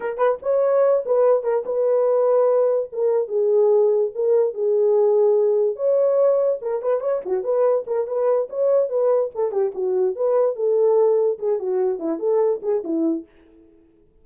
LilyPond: \new Staff \with { instrumentName = "horn" } { \time 4/4 \tempo 4 = 145 ais'8 b'8 cis''4. b'4 ais'8 | b'2. ais'4 | gis'2 ais'4 gis'4~ | gis'2 cis''2 |
ais'8 b'8 cis''8 fis'8 b'4 ais'8 b'8~ | b'8 cis''4 b'4 a'8 g'8 fis'8~ | fis'8 b'4 a'2 gis'8 | fis'4 e'8 a'4 gis'8 e'4 | }